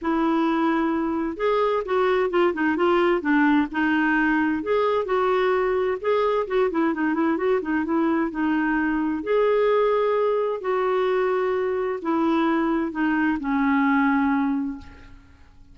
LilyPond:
\new Staff \with { instrumentName = "clarinet" } { \time 4/4 \tempo 4 = 130 e'2. gis'4 | fis'4 f'8 dis'8 f'4 d'4 | dis'2 gis'4 fis'4~ | fis'4 gis'4 fis'8 e'8 dis'8 e'8 |
fis'8 dis'8 e'4 dis'2 | gis'2. fis'4~ | fis'2 e'2 | dis'4 cis'2. | }